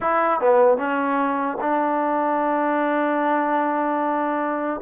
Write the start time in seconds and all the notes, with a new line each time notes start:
0.00 E4
0.40 B3
0.77 C#4
1.60 D4